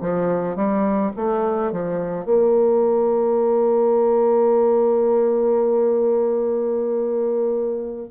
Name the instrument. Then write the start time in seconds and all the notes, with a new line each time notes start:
bassoon
0.00 F3
0.55 G3
1.16 A3
1.71 F3
2.25 A#3